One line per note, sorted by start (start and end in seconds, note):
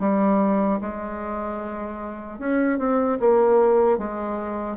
0.00 0.80 G3
0.81 2.39 G#3
2.39 2.79 C#4
2.79 3.19 C4
3.20 3.98 A#3
3.98 4.77 G#3